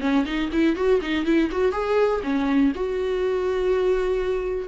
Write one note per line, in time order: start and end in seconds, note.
0.00 0.25 C#4
0.25 0.50 D#4
0.52 0.76 E4
0.76 1.00 F#4
1.01 1.25 D#4
1.25 1.50 E4
1.51 1.72 F#4
1.72 2.21 G#4
2.23 2.72 C#4
2.75 4.67 F#4